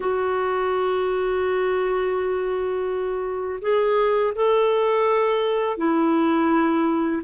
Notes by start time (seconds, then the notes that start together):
0.00 F#4
3.61 G#4
4.35 A4
5.77 E4